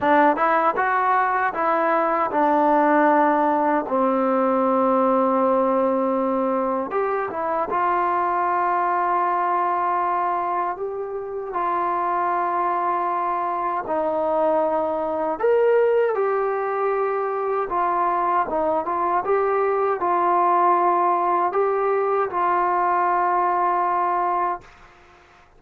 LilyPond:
\new Staff \with { instrumentName = "trombone" } { \time 4/4 \tempo 4 = 78 d'8 e'8 fis'4 e'4 d'4~ | d'4 c'2.~ | c'4 g'8 e'8 f'2~ | f'2 g'4 f'4~ |
f'2 dis'2 | ais'4 g'2 f'4 | dis'8 f'8 g'4 f'2 | g'4 f'2. | }